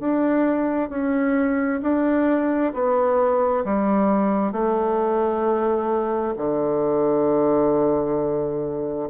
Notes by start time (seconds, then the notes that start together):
0.00 D4
0.89 C#4
1.82 D4
2.73 B3
3.64 G3
4.52 A3
6.37 D3